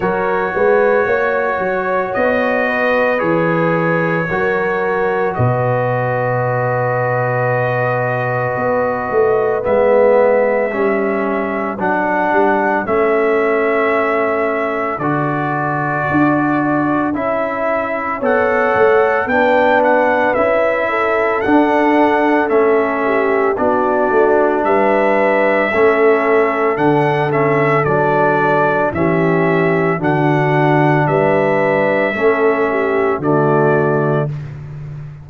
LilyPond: <<
  \new Staff \with { instrumentName = "trumpet" } { \time 4/4 \tempo 4 = 56 cis''2 dis''4 cis''4~ | cis''4 dis''2.~ | dis''4 e''2 fis''4 | e''2 d''2 |
e''4 fis''4 g''8 fis''8 e''4 | fis''4 e''4 d''4 e''4~ | e''4 fis''8 e''8 d''4 e''4 | fis''4 e''2 d''4 | }
  \new Staff \with { instrumentName = "horn" } { \time 4/4 ais'8 b'8 cis''4. b'4. | ais'4 b'2.~ | b'2 a'2~ | a'1~ |
a'4 cis''4 b'4. a'8~ | a'4. g'8 fis'4 b'4 | a'2. g'4 | fis'4 b'4 a'8 g'8 fis'4 | }
  \new Staff \with { instrumentName = "trombone" } { \time 4/4 fis'2. gis'4 | fis'1~ | fis'4 b4 cis'4 d'4 | cis'2 fis'2 |
e'4 a'4 d'4 e'4 | d'4 cis'4 d'2 | cis'4 d'8 cis'8 d'4 cis'4 | d'2 cis'4 a4 | }
  \new Staff \with { instrumentName = "tuba" } { \time 4/4 fis8 gis8 ais8 fis8 b4 e4 | fis4 b,2. | b8 a8 gis4 g4 fis8 g8 | a2 d4 d'4 |
cis'4 b8 a8 b4 cis'4 | d'4 a4 b8 a8 g4 | a4 d4 fis4 e4 | d4 g4 a4 d4 | }
>>